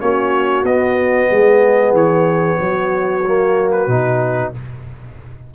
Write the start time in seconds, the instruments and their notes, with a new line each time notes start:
0.00 tuba A#3, trombone C#4, horn F#4, trumpet C#5
0.63 tuba B3, trombone B3, trumpet D#5
1.30 tuba G#3, horn G#4
1.92 tuba E3, trumpet C#5
2.60 tuba F#3, horn F#4
3.26 trombone A#3
3.71 trumpet B4
3.87 tuba B2, trombone D#4